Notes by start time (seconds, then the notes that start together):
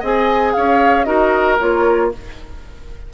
0.00 C4 G#4 D#5 G#5
0.53 C#4 C#5 F5
1.04 D#4 F#4 A#4 D#5
1.60 A#3 F4 C#5